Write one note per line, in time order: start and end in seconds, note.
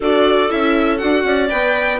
0.00 0.51 D4
0.00 0.49 F#4
0.00 1.24 A4
0.00 0.50 D5
0.49 1.01 C#4
0.49 0.98 E4
0.49 0.97 E5
0.97 1.23 D4
0.97 1.48 F#4
0.97 1.47 F#5
1.23 1.48 C#4
1.23 1.99 D5
1.48 1.99 B3
1.48 1.98 B4
1.48 1.99 G5